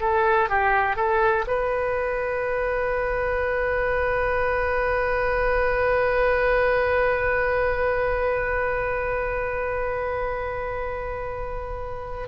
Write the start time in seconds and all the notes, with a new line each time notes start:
0.00 A4
0.49 G4
0.96 A4
1.47 B4